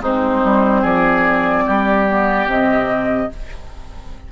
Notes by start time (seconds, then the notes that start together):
0.00 G#3 C4 D#4 C5
0.43 G3
0.81 F3 G#4 D5
1.66 G3 G4
2.07 B3
2.46 C3 C4 D#5